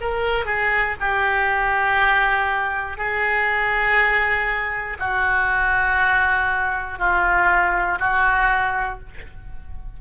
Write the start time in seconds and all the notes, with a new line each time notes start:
0.00 A#4
0.45 G#4
1.00 G4
2.97 G#4
4.99 F#4
6.99 F4
7.99 F#4